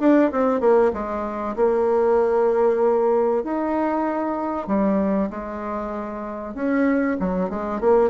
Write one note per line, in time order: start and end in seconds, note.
0.00 0.31 D4
0.32 0.61 C4
0.61 0.92 A#3
0.94 1.56 G#3
1.56 3.44 A#3
3.44 4.68 D#4
4.68 5.30 G3
5.30 6.55 G#3
6.55 7.17 C#4
7.20 7.50 F#3
7.50 7.81 G#3
7.81 8.10 A#3